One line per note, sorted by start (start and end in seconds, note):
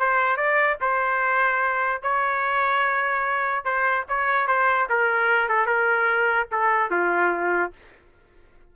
0.00 0.37 C5
0.37 0.78 D5
0.82 2.03 C5
2.03 3.65 C#5
3.65 4.06 C5
4.09 4.48 C#5
4.48 4.88 C5
4.90 5.49 A#4
5.49 5.67 A4
5.67 6.48 A#4
6.52 6.91 A4
6.91 7.73 F4